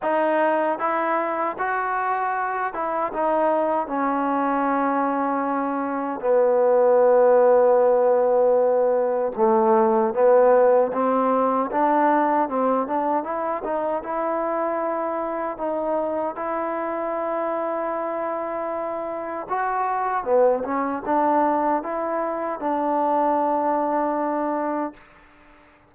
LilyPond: \new Staff \with { instrumentName = "trombone" } { \time 4/4 \tempo 4 = 77 dis'4 e'4 fis'4. e'8 | dis'4 cis'2. | b1 | a4 b4 c'4 d'4 |
c'8 d'8 e'8 dis'8 e'2 | dis'4 e'2.~ | e'4 fis'4 b8 cis'8 d'4 | e'4 d'2. | }